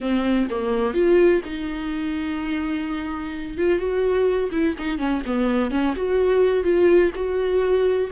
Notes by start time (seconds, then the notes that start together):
0.00 C4
0.50 A#3
0.94 F4
1.45 D#4
3.57 F4
3.78 F#4
4.51 E4
4.78 D#4
4.98 C#4
5.26 B3
5.70 C#4
5.96 F#4
6.63 F4
7.15 F#4